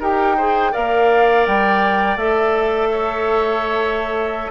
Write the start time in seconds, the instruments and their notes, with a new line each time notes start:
0.00 bassoon D#4, clarinet G4, oboe A#4, flute G5
0.37 clarinet G#4, oboe C5
0.72 bassoon A#3, clarinet A#4, oboe D5, flute F5
1.47 bassoon G3, flute G5
2.16 bassoon A3, clarinet A4, flute E5
2.92 oboe C#5